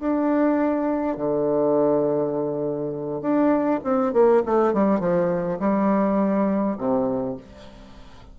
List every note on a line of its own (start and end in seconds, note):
0.00 1.17 D4
1.17 3.21 D3
3.21 3.80 D4
3.84 4.13 C4
4.13 4.43 A#3
4.46 4.74 A3
4.74 5.00 G3
5.00 5.59 F3
5.59 6.77 G3
6.78 7.37 C3